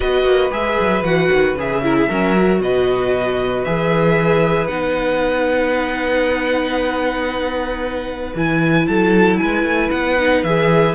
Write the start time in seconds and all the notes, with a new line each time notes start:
0.00 B3 F#4 B4 D#5
0.24 A#3
0.51 G#3 G#4 E5
0.80 F#3
1.03 E3 F#4 F#5
1.32 D#3
1.54 C#3 G#4 E5
1.83 E4 A#4
1.97 G#4
2.08 F#3 C#4 A#4
2.36 F#4
2.60 B2 B4 D#5
3.64 E3 G#4 E5
4.67 B3 D#4 F#5
8.35 E3 E4 G#5
8.87 F#3 A4 A5
9.36 G#3 B4 G#5
9.64 A3
9.91 B3 F#5
10.18 D#4
10.43 E3 G#4 E5